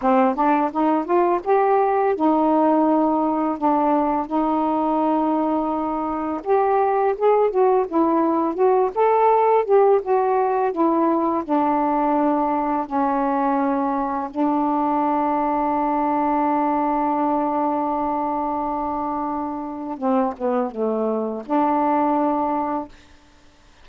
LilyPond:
\new Staff \with { instrumentName = "saxophone" } { \time 4/4 \tempo 4 = 84 c'8 d'8 dis'8 f'8 g'4 dis'4~ | dis'4 d'4 dis'2~ | dis'4 g'4 gis'8 fis'8 e'4 | fis'8 a'4 g'8 fis'4 e'4 |
d'2 cis'2 | d'1~ | d'1 | c'8 b8 a4 d'2 | }